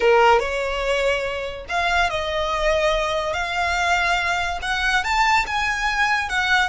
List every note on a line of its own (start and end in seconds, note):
0.00 0.39 A#4
0.39 1.65 C#5
1.68 2.10 F5
2.10 3.33 D#5
3.33 4.59 F5
4.62 5.03 F#5
5.03 5.45 A5
5.46 6.29 G#5
6.29 6.69 F#5